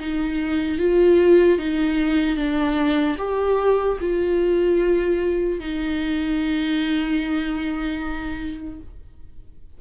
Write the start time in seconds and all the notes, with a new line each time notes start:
0.00 D#4
0.79 F4
1.59 D#4
2.37 D4
3.19 G4
4.01 F4
5.60 D#4